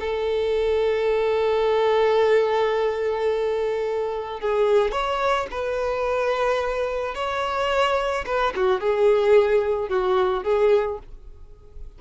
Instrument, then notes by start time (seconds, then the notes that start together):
violin
0.00 A4
4.40 G#4
4.92 C#5
5.51 B4
7.15 C#5
8.26 B4
8.56 F#4
8.80 G#4
9.89 F#4
10.44 G#4